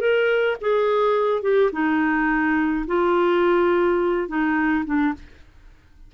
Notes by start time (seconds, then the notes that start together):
0.00 A#4
0.61 G#4
1.42 G4
1.72 D#4
2.87 F4
4.28 D#4
4.86 D4